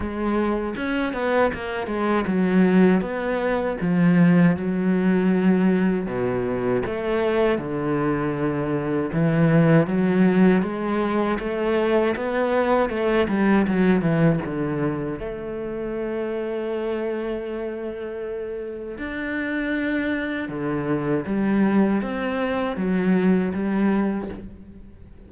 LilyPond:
\new Staff \with { instrumentName = "cello" } { \time 4/4 \tempo 4 = 79 gis4 cis'8 b8 ais8 gis8 fis4 | b4 f4 fis2 | b,4 a4 d2 | e4 fis4 gis4 a4 |
b4 a8 g8 fis8 e8 d4 | a1~ | a4 d'2 d4 | g4 c'4 fis4 g4 | }